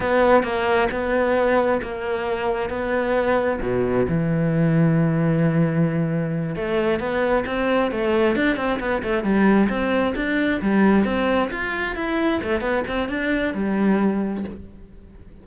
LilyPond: \new Staff \with { instrumentName = "cello" } { \time 4/4 \tempo 4 = 133 b4 ais4 b2 | ais2 b2 | b,4 e2.~ | e2~ e8 a4 b8~ |
b8 c'4 a4 d'8 c'8 b8 | a8 g4 c'4 d'4 g8~ | g8 c'4 f'4 e'4 a8 | b8 c'8 d'4 g2 | }